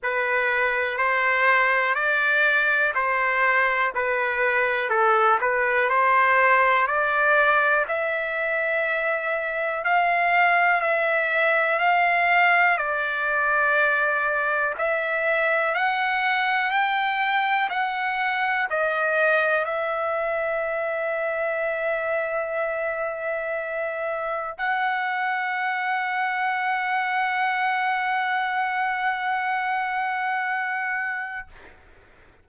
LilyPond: \new Staff \with { instrumentName = "trumpet" } { \time 4/4 \tempo 4 = 61 b'4 c''4 d''4 c''4 | b'4 a'8 b'8 c''4 d''4 | e''2 f''4 e''4 | f''4 d''2 e''4 |
fis''4 g''4 fis''4 dis''4 | e''1~ | e''4 fis''2.~ | fis''1 | }